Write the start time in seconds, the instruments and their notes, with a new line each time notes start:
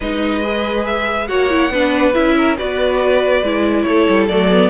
0.00 cello G#3, viola D#4, violin B4 D#5
0.43 viola G#4
0.86 violin E5
1.27 cello A#3, viola F#4, violin C#5 F#5
1.49 viola E4
1.70 cello B3, viola D4, violin B4
2.13 cello C#4, viola E4, violin E5
2.37 violin A#4
2.57 cello B3, viola F#4, violin B4 D5
3.42 cello G#3, viola E4
3.83 cello A3, violin A4 C#5
4.08 cello G3
4.28 cello F#3, viola A3, violin D5
4.50 viola B3